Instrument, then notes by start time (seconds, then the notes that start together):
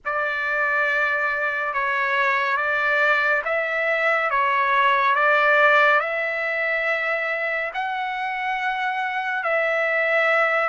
trumpet
0.05 D5
1.73 C#5
2.56 D5
3.44 E5
4.30 C#5
5.15 D5
6.00 E5
7.74 F#5
9.43 E5